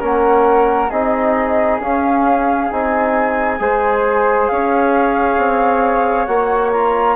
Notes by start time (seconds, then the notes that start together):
0.00 A#3 C#4 A#4 F#5
0.90 C4 D#4 G#4 D#5
1.80 C#4 F5
2.71 C4 D#4 G#5
3.60 G#3 G#4 C5
4.48 C#4 C#5 F5
5.38 C4
6.26 A#3 F#4 F#5
6.73 F4 A#5